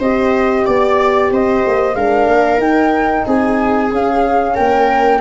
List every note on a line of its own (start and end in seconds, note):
0.00 0.65 C4
0.00 1.96 G4
0.00 0.66 C5
0.00 0.66 D#5
0.66 1.31 B3
0.66 1.31 D5
0.66 1.32 D5
1.31 1.64 C4
1.31 1.97 C5
1.31 1.95 D#5
1.67 1.95 A#3
1.95 2.27 G#3
1.95 2.60 D4
1.95 3.26 A#4
1.95 2.61 F5
2.27 2.58 A#3
2.58 3.23 D#4
2.58 3.91 D#4
2.58 3.26 G5
3.26 3.92 C4
3.26 4.55 G#4
3.26 3.93 G#5
3.92 4.58 C#4
3.92 5.22 C#4
3.92 4.56 F5
4.55 5.22 A#3
4.55 5.20 A#4
4.55 5.21 G5